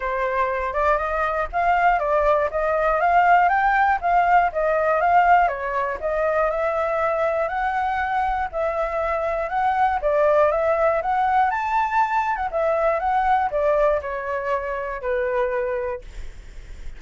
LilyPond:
\new Staff \with { instrumentName = "flute" } { \time 4/4 \tempo 4 = 120 c''4. d''8 dis''4 f''4 | d''4 dis''4 f''4 g''4 | f''4 dis''4 f''4 cis''4 | dis''4 e''2 fis''4~ |
fis''4 e''2 fis''4 | d''4 e''4 fis''4 a''4~ | a''8. fis''16 e''4 fis''4 d''4 | cis''2 b'2 | }